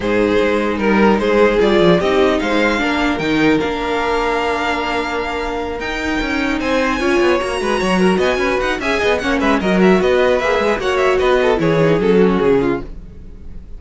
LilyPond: <<
  \new Staff \with { instrumentName = "violin" } { \time 4/4 \tempo 4 = 150 c''2 ais'4 c''4 | d''4 dis''4 f''2 | g''4 f''2.~ | f''2~ f''8 g''4.~ |
g''8 gis''2 ais''4.~ | ais''8 gis''4 fis''8 gis''4 fis''8 e''8 | dis''8 e''8 dis''4 e''4 fis''8 e''8 | dis''4 cis''4 a'4 gis'4 | }
  \new Staff \with { instrumentName = "violin" } { \time 4/4 gis'2 ais'4 gis'4~ | gis'4 g'4 c''4 ais'4~ | ais'1~ | ais'1~ |
ais'8 c''4 cis''4. b'8 cis''8 | ais'8 dis''8 b'4 e''8 dis''8 cis''8 b'8 | ais'4 b'2 cis''4 | b'8 a'8 gis'4. fis'4 f'8 | }
  \new Staff \with { instrumentName = "viola" } { \time 4/4 dis'1 | f'4 dis'2 d'4 | dis'4 d'2.~ | d'2~ d'8 dis'4.~ |
dis'4. f'4 fis'4.~ | fis'2 gis'4 cis'4 | fis'2 gis'4 fis'4~ | fis'4 e'8 dis'8 cis'2 | }
  \new Staff \with { instrumentName = "cello" } { \time 4/4 gis,4 gis4 g4 gis4 | g8 f8 c'4 gis4 ais4 | dis4 ais2.~ | ais2~ ais8 dis'4 cis'8~ |
cis'8 c'4 cis'8 b8 ais8 gis8 fis8~ | fis8 b8 cis'8 dis'8 cis'8 b8 ais8 gis8 | fis4 b4 ais8 gis8 ais4 | b4 e4 fis4 cis4 | }
>>